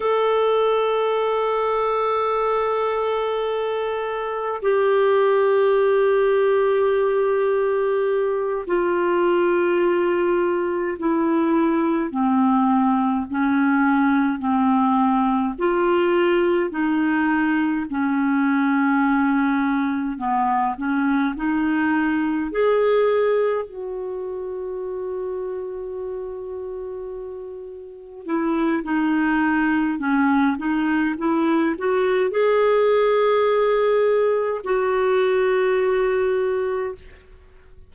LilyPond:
\new Staff \with { instrumentName = "clarinet" } { \time 4/4 \tempo 4 = 52 a'1 | g'2.~ g'8 f'8~ | f'4. e'4 c'4 cis'8~ | cis'8 c'4 f'4 dis'4 cis'8~ |
cis'4. b8 cis'8 dis'4 gis'8~ | gis'8 fis'2.~ fis'8~ | fis'8 e'8 dis'4 cis'8 dis'8 e'8 fis'8 | gis'2 fis'2 | }